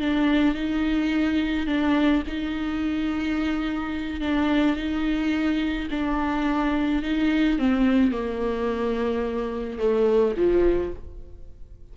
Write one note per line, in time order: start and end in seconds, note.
0.00 0.55 D4
0.55 1.66 D#4
1.66 2.23 D4
2.27 4.21 D#4
4.21 4.76 D4
4.76 5.88 D#4
5.91 7.02 D4
7.02 7.59 D#4
7.59 8.12 C4
8.12 9.79 A#3
9.79 10.35 A3
10.37 10.93 F3